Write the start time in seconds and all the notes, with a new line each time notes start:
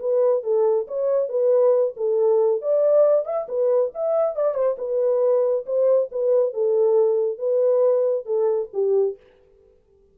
0.00 B4
0.43 A4
0.88 C#5
1.29 B4
1.97 A4
2.62 D5
3.25 E5
3.49 B4
3.95 E5
4.36 D5
4.55 C5
4.78 B4
5.66 C5
6.12 B4
6.54 A4
7.39 B4
8.26 A4
8.74 G4